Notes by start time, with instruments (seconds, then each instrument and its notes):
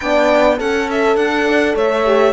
0.00 cello B3, horn D4 D5, violin G5
0.57 cello C#4, horn A4, violin F#5
0.90 violin E5
1.16 cello D4, violin F#5
1.48 horn D5
1.75 cello A3, horn C#5, violin E5
2.05 horn G4